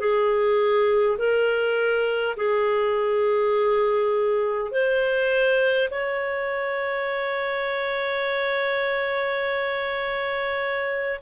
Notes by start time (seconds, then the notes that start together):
0.00 G#4
1.18 A#4
2.37 G#4
4.72 C5
5.91 C#5